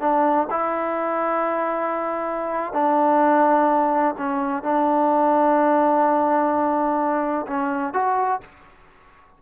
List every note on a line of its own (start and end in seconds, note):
0.00 0.47 D4
0.50 2.73 E4
2.73 4.15 D4
4.18 4.63 C#4
4.63 7.46 D4
7.47 7.93 C#4
7.93 8.41 F#4